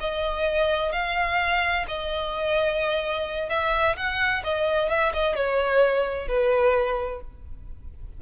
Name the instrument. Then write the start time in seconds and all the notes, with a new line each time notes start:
violin
0.00 D#5
0.92 F5
1.87 D#5
3.49 E5
3.96 F#5
4.43 D#5
4.89 E5
5.13 D#5
5.35 C#5
6.27 B4